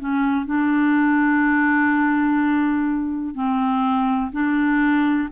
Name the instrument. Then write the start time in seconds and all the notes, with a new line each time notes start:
clarinet
0.00 C#4
0.46 D4
3.35 C4
4.32 D4